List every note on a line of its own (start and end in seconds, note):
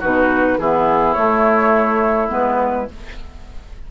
0.00 0.58 B2
0.00 0.60 D#4
0.00 0.58 F#4
0.00 0.59 B4
0.58 1.16 E3
0.58 1.16 B3
0.58 2.91 E4
0.58 1.14 G#4
1.14 2.29 A3
1.14 2.30 A3
1.14 2.29 C#5
2.29 2.88 G#3
2.29 2.86 B3
2.29 2.91 B4